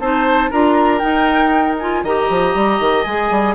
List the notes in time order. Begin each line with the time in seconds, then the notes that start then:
0.00 C4 D#4 C5 A5
0.50 D4 F4 A#4 A#5
0.99 D#4 G5
1.79 F4 G#5
2.03 D#3 G4 D#5 A#5
2.30 F3
2.55 G3
2.80 D#3
3.03 G#3 G#4 G#5
3.31 G3